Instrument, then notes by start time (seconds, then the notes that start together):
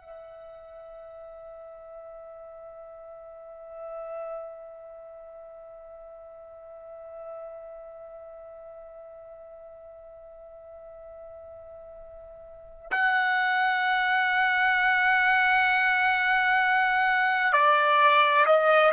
trumpet
0.00 E5
12.91 F#5
17.53 D5
18.46 D#5